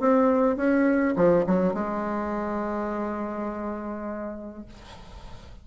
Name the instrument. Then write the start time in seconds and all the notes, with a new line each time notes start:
bassoon
0.00 C4
0.57 C#4
1.17 F3
1.47 F#3
1.74 G#3